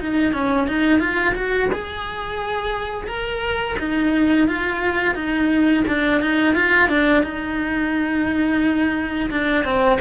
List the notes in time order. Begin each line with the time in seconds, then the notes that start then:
0.00 D#4
0.33 C#4
0.68 D#4
1.00 F4
1.35 F#4
1.73 G#4
3.07 A#4
3.79 D#4
4.48 F4
5.15 D#4
5.88 D4
6.21 D#4
6.55 F4
6.89 D4
7.23 D#4
9.30 D4
9.65 C4